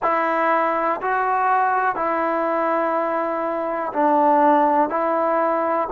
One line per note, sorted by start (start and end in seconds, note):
0.02 1.00 E4
1.01 1.95 F#4
1.95 3.92 E4
3.93 4.89 D4
4.89 5.87 E4